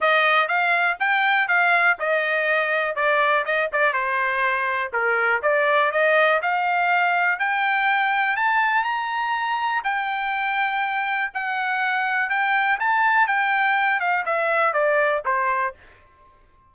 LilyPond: \new Staff \with { instrumentName = "trumpet" } { \time 4/4 \tempo 4 = 122 dis''4 f''4 g''4 f''4 | dis''2 d''4 dis''8 d''8 | c''2 ais'4 d''4 | dis''4 f''2 g''4~ |
g''4 a''4 ais''2 | g''2. fis''4~ | fis''4 g''4 a''4 g''4~ | g''8 f''8 e''4 d''4 c''4 | }